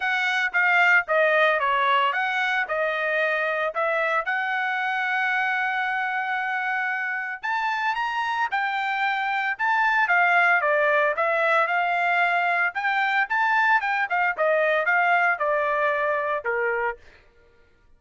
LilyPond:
\new Staff \with { instrumentName = "trumpet" } { \time 4/4 \tempo 4 = 113 fis''4 f''4 dis''4 cis''4 | fis''4 dis''2 e''4 | fis''1~ | fis''2 a''4 ais''4 |
g''2 a''4 f''4 | d''4 e''4 f''2 | g''4 a''4 g''8 f''8 dis''4 | f''4 d''2 ais'4 | }